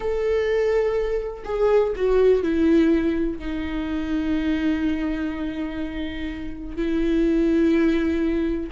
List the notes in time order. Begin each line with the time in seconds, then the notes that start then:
0.00 A4
1.45 G#4
1.95 F#4
2.43 E4
3.38 D#4
6.76 E4